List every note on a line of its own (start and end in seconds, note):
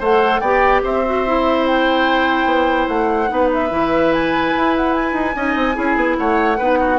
0.00 0.42 A3
0.00 0.43 A4
0.00 0.41 C5
0.00 0.40 F#5
0.40 0.83 B3
0.40 1.06 G4
0.40 0.82 D5
0.40 0.81 G5
0.84 2.46 C4
0.84 3.31 C5
0.84 1.67 E5
1.06 1.27 F#4
1.27 3.28 E4
1.67 2.88 G5
2.46 2.87 B3
2.88 3.30 A3
2.88 3.50 F#5
3.28 3.72 B3
3.28 3.69 D#4
3.28 5.36 B4
3.54 4.14 E5
3.70 4.54 E3
3.70 5.35 E4
4.14 4.75 G#5
4.56 5.13 E4
4.77 4.94 F#5
4.94 6.17 G#5
5.13 5.34 D#4
5.36 5.56 C#4
5.36 5.74 D#4
5.36 5.76 D#5
5.56 5.76 C4
5.74 5.96 C#4
5.74 6.56 E4
5.74 6.17 G#4
5.96 6.17 B3
6.18 6.60 A3
6.18 6.58 C#5
6.18 6.99 F#5
6.58 6.99 B3
6.58 6.99 D#4
6.58 6.79 B4
6.81 6.99 F#4